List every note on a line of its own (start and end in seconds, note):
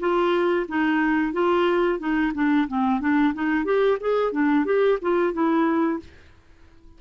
0.00 0.67 F4
0.68 1.33 D#4
1.33 1.99 F4
1.99 2.33 D#4
2.35 2.68 D4
2.68 3.01 C4
3.01 3.34 D4
3.34 3.65 D#4
3.65 3.98 G4
4.01 4.32 G#4
4.32 4.65 D4
4.65 4.98 G4
5.02 5.33 F4
5.33 6.00 E4